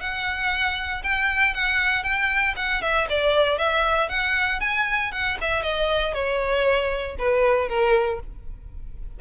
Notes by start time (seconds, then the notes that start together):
0.00 F#5
1.03 G5
1.54 F#5
2.03 G5
2.56 F#5
2.82 E5
3.09 D5
3.58 E5
4.09 F#5
4.60 G#5
5.12 F#5
5.41 E5
5.62 D#5
6.14 C#5
7.18 B4
7.69 A#4